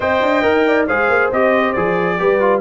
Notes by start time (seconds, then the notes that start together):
0.00 C4 C5 D#5 G5
0.21 D4
0.42 D#4 A#4
0.67 D5
0.87 G#3 G#4 C5 F5
1.09 A#3
1.31 C4 G4 D#5
1.72 F3 G#4 D5
2.19 G3 G4 B4
2.40 F4